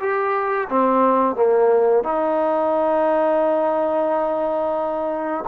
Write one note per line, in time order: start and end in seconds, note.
0.00 0.68 G4
0.69 1.36 C4
1.36 2.04 A#3
2.04 5.45 D#4